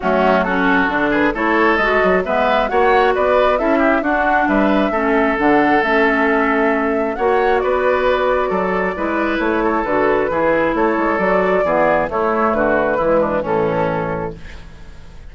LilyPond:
<<
  \new Staff \with { instrumentName = "flute" } { \time 4/4 \tempo 4 = 134 fis'4 a'4. b'8 cis''4 | dis''4 e''4 fis''4 d''4 | e''4 fis''4 e''2 | fis''4 e''2. |
fis''4 d''2.~ | d''4 cis''4 b'2 | cis''4 d''2 cis''4 | b'2 a'2 | }
  \new Staff \with { instrumentName = "oboe" } { \time 4/4 cis'4 fis'4. gis'8 a'4~ | a'4 b'4 cis''4 b'4 | a'8 g'8 fis'4 b'4 a'4~ | a'1 |
cis''4 b'2 a'4 | b'4. a'4. gis'4 | a'2 gis'4 e'4 | fis'4 e'8 d'8 cis'2 | }
  \new Staff \with { instrumentName = "clarinet" } { \time 4/4 a4 cis'4 d'4 e'4 | fis'4 b4 fis'2 | e'4 d'2 cis'4 | d'4 cis'2. |
fis'1 | e'2 fis'4 e'4~ | e'4 fis'4 b4 a4~ | a4 gis4 e2 | }
  \new Staff \with { instrumentName = "bassoon" } { \time 4/4 fis2 d4 a4 | gis8 fis8 gis4 ais4 b4 | cis'4 d'4 g4 a4 | d4 a2. |
ais4 b2 fis4 | gis4 a4 d4 e4 | a8 gis8 fis4 e4 a4 | d4 e4 a,2 | }
>>